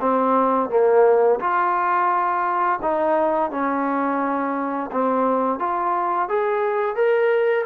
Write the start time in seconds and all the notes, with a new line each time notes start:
0.00 C4
0.70 A#3
1.40 F4
2.82 D#4
3.51 C#4
4.92 C4
5.59 F4
6.29 G#4
6.95 A#4